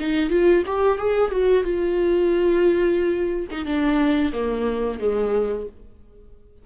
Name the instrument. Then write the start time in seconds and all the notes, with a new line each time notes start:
viola
0.00 D#4
0.30 F4
0.67 G4
0.98 G#4
1.32 F#4
1.64 F4
3.51 D#4
3.66 D4
4.33 A#3
5.00 G#3